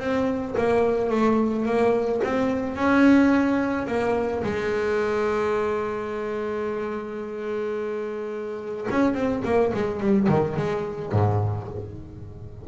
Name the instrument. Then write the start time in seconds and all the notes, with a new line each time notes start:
double bass
0.00 C4
0.58 A#3
1.10 A3
1.66 A#3
2.24 C4
2.76 C#4
3.88 A#3
4.44 G#3
8.91 C#4
9.15 C4
9.45 A#3
9.74 G#3
10.01 G3
10.29 D#3
10.57 G#3
11.13 G#2